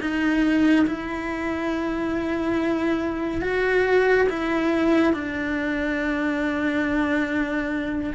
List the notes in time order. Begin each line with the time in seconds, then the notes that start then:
0.00 D#4
0.86 E4
3.42 F#4
4.29 E4
5.13 D4